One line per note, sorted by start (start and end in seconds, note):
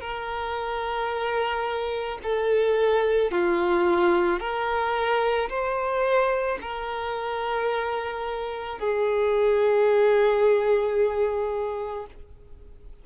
0.00 2.18 A#4
2.23 3.31 A4
3.31 4.39 F4
4.39 5.48 A#4
5.49 6.58 C5
6.61 8.79 A#4
8.79 12.06 G#4